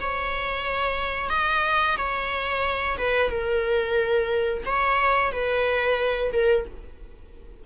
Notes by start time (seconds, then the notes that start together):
0.00 C#5
1.30 D#5
1.98 C#5
2.98 B4
3.30 A#4
4.66 C#5
5.32 B4
6.32 A#4